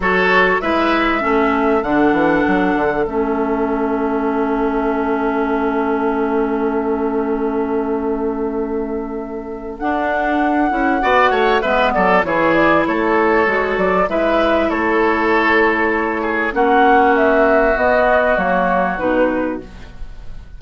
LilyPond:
<<
  \new Staff \with { instrumentName = "flute" } { \time 4/4 \tempo 4 = 98 cis''4 e''2 fis''4~ | fis''4 e''2.~ | e''1~ | e''1 |
fis''2. e''8 d''8 | cis''8 d''8 cis''4. d''8 e''4 | cis''2. fis''4 | e''4 dis''4 cis''4 b'4 | }
  \new Staff \with { instrumentName = "oboe" } { \time 4/4 a'4 b'4 a'2~ | a'1~ | a'1~ | a'1~ |
a'2 d''8 cis''8 b'8 a'8 | gis'4 a'2 b'4 | a'2~ a'8 gis'8 fis'4~ | fis'1 | }
  \new Staff \with { instrumentName = "clarinet" } { \time 4/4 fis'4 e'4 cis'4 d'4~ | d'4 cis'2.~ | cis'1~ | cis'1 |
d'4. e'8 fis'4 b4 | e'2 fis'4 e'4~ | e'2. cis'4~ | cis'4 b4 ais4 dis'4 | }
  \new Staff \with { instrumentName = "bassoon" } { \time 4/4 fis4 gis4 a4 d8 e8 | fis8 d8 a2.~ | a1~ | a1 |
d'4. cis'8 b8 a8 gis8 fis8 | e4 a4 gis8 fis8 gis4 | a2. ais4~ | ais4 b4 fis4 b,4 | }
>>